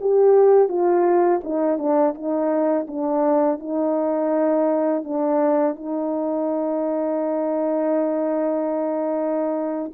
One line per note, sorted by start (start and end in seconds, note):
0.00 0.68 G4
0.68 1.40 F4
1.43 1.78 D#4
1.78 2.14 D4
2.14 2.87 D#4
2.87 3.59 D4
3.59 5.03 D#4
5.03 5.75 D4
5.75 9.91 D#4